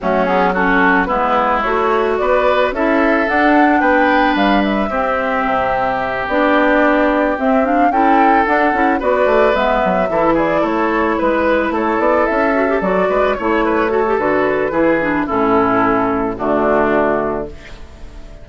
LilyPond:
<<
  \new Staff \with { instrumentName = "flute" } { \time 4/4 \tempo 4 = 110 fis'8 gis'8 a'4 b'4 cis''4 | d''4 e''4 fis''4 g''4 | f''8 e''2. d''8~ | d''4. e''8 f''8 g''4 fis''8~ |
fis''8 d''4 e''4. d''8 cis''8~ | cis''8 b'4 cis''8 d''8 e''4 d''8~ | d''8 cis''4. b'2 | a'2 fis'2 | }
  \new Staff \with { instrumentName = "oboe" } { \time 4/4 cis'4 fis'4 e'2 | b'4 a'2 b'4~ | b'4 g'2.~ | g'2~ g'8 a'4.~ |
a'8 b'2 a'8 gis'8 a'8~ | a'8 b'4 a'2~ a'8 | b'8 cis''8 b'8 a'4. gis'4 | e'2 d'2 | }
  \new Staff \with { instrumentName = "clarinet" } { \time 4/4 a8 b8 cis'4 b4 fis'4~ | fis'4 e'4 d'2~ | d'4 c'2~ c'8 d'8~ | d'4. c'8 d'8 e'4 d'8 |
e'8 fis'4 b4 e'4.~ | e'2. fis'16 g'16 fis'8~ | fis'8 e'4 fis'16 g'16 fis'4 e'8 d'8 | cis'2 a2 | }
  \new Staff \with { instrumentName = "bassoon" } { \time 4/4 fis2 gis4 a4 | b4 cis'4 d'4 b4 | g4 c'4 c4. b8~ | b4. c'4 cis'4 d'8 |
cis'8 b8 a8 gis8 fis8 e4 a8~ | a8 gis4 a8 b8 cis'4 fis8 | gis8 a4. d4 e4 | a,2 d2 | }
>>